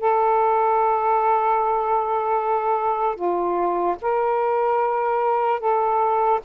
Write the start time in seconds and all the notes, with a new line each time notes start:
0.00 A4
3.15 F4
4.02 A#4
5.60 A4